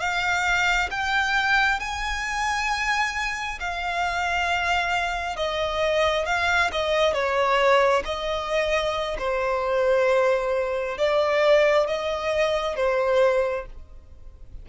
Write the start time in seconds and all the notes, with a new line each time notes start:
0.00 F5
0.91 G5
1.80 G#5
3.60 F5
5.36 D#5
6.26 F5
6.72 D#5
7.14 C#5
8.06 D#5
9.19 C5
10.98 D5
11.87 D#5
12.76 C5